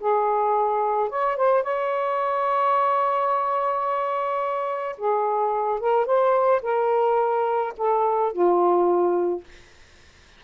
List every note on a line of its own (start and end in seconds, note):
0.00 1.10 G#4
1.10 1.37 C#5
1.37 1.63 C5
1.63 4.96 C#5
4.98 5.80 G#4
5.80 6.06 A#4
6.06 6.62 C5
6.62 7.73 A#4
7.77 8.33 A4
8.33 9.44 F4